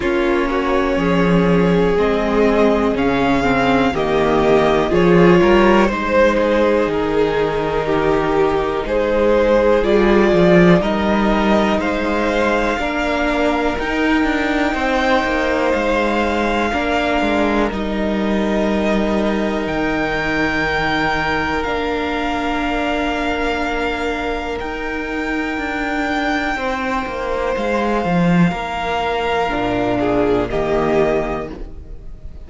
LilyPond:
<<
  \new Staff \with { instrumentName = "violin" } { \time 4/4 \tempo 4 = 61 cis''2 dis''4 f''4 | dis''4 cis''4 c''4 ais'4~ | ais'4 c''4 d''4 dis''4 | f''2 g''2 |
f''2 dis''2 | g''2 f''2~ | f''4 g''2. | f''2. dis''4 | }
  \new Staff \with { instrumentName = "violin" } { \time 4/4 f'8 fis'8 gis'2. | g'4 gis'8 ais'8 c''8 gis'4. | g'4 gis'2 ais'4 | c''4 ais'2 c''4~ |
c''4 ais'2.~ | ais'1~ | ais'2. c''4~ | c''4 ais'4. gis'8 g'4 | }
  \new Staff \with { instrumentName = "viola" } { \time 4/4 cis'2 c'4 cis'8 c'8 | ais4 f'4 dis'2~ | dis'2 f'4 dis'4~ | dis'4 d'4 dis'2~ |
dis'4 d'4 dis'2~ | dis'2 d'2~ | d'4 dis'2.~ | dis'2 d'4 ais4 | }
  \new Staff \with { instrumentName = "cello" } { \time 4/4 ais4 f4 gis4 cis4 | dis4 f8 g8 gis4 dis4~ | dis4 gis4 g8 f8 g4 | gis4 ais4 dis'8 d'8 c'8 ais8 |
gis4 ais8 gis8 g2 | dis2 ais2~ | ais4 dis'4 d'4 c'8 ais8 | gis8 f8 ais4 ais,4 dis4 | }
>>